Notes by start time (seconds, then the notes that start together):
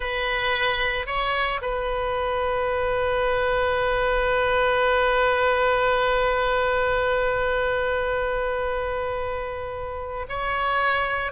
0.00 B4
1.06 C#5
1.61 B4
10.28 C#5